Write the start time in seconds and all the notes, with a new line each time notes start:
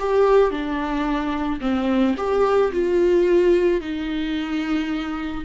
0.00 G4
0.51 D4
1.61 C4
2.17 G4
2.72 F4
3.81 D#4